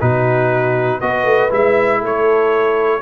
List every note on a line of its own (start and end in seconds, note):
0.00 1.01 B2
0.00 1.01 D#4
0.00 1.01 F#4
0.00 1.01 B4
1.01 1.24 B3
1.01 1.50 F#4
1.01 1.99 B4
1.01 1.51 D#5
1.24 1.49 A3
1.50 2.02 G#3
1.50 3.02 E4
1.50 2.04 E5
1.99 3.02 A3
1.99 3.00 A4
2.06 3.02 C#5